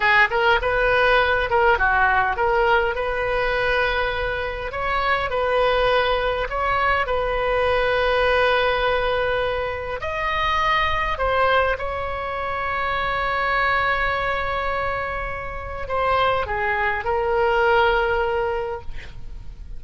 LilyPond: \new Staff \with { instrumentName = "oboe" } { \time 4/4 \tempo 4 = 102 gis'8 ais'8 b'4. ais'8 fis'4 | ais'4 b'2. | cis''4 b'2 cis''4 | b'1~ |
b'4 dis''2 c''4 | cis''1~ | cis''2. c''4 | gis'4 ais'2. | }